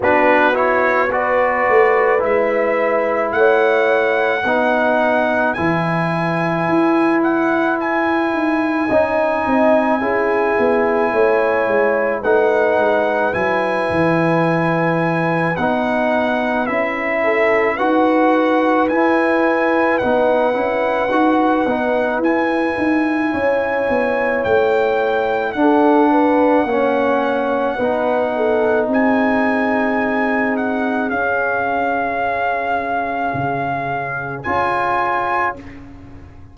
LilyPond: <<
  \new Staff \with { instrumentName = "trumpet" } { \time 4/4 \tempo 4 = 54 b'8 cis''8 d''4 e''4 fis''4~ | fis''4 gis''4. fis''8 gis''4~ | gis''2. fis''4 | gis''2 fis''4 e''4 |
fis''4 gis''4 fis''2 | gis''2 g''4 fis''4~ | fis''2 gis''4. fis''8 | f''2. gis''4 | }
  \new Staff \with { instrumentName = "horn" } { \time 4/4 fis'4 b'2 cis''4 | b'1 | dis''4 gis'4 cis''4 b'4~ | b'2.~ b'8 a'8 |
b'1~ | b'4 cis''2 a'8 b'8 | cis''4 b'8 a'8 gis'2~ | gis'1 | }
  \new Staff \with { instrumentName = "trombone" } { \time 4/4 d'8 e'8 fis'4 e'2 | dis'4 e'2. | dis'4 e'2 dis'4 | e'2 dis'4 e'4 |
fis'4 e'4 dis'8 e'8 fis'8 dis'8 | e'2. d'4 | cis'4 dis'2. | cis'2. f'4 | }
  \new Staff \with { instrumentName = "tuba" } { \time 4/4 b4. a8 gis4 a4 | b4 e4 e'4. dis'8 | cis'8 c'8 cis'8 b8 a8 gis8 a8 gis8 | fis8 e4. b4 cis'4 |
dis'4 e'4 b8 cis'8 dis'8 b8 | e'8 dis'8 cis'8 b8 a4 d'4 | ais4 b4 c'2 | cis'2 cis4 cis'4 | }
>>